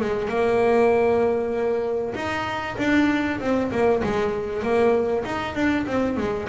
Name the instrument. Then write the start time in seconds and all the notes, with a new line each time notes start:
double bass
0.00 G#3
0.28 A#3
2.15 D#4
2.78 D4
3.40 C4
3.71 A#3
4.03 G#3
4.62 A#3
5.25 D#4
5.55 D4
5.87 C4
6.17 G#3